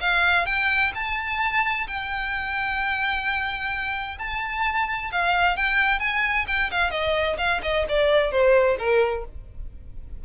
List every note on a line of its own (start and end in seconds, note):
0.00 0.46 F5
0.46 0.92 G5
0.94 1.87 A5
1.87 4.18 G5
4.18 5.11 A5
5.12 5.56 F5
5.56 5.99 G5
5.99 6.46 G#5
6.47 6.70 G5
6.71 6.90 F5
6.90 7.37 D#5
7.38 7.61 F5
7.63 7.86 D#5
7.88 8.31 D5
8.31 8.77 C5
8.78 9.25 A#4